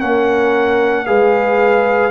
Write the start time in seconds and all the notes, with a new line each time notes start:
0.00 A#3 C#4 A#4 F#5
1.06 G#3 G#4 B4 F5